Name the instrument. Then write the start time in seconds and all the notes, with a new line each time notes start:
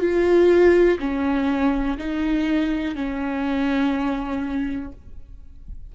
viola
0.00 F4
0.99 C#4
1.98 D#4
2.96 C#4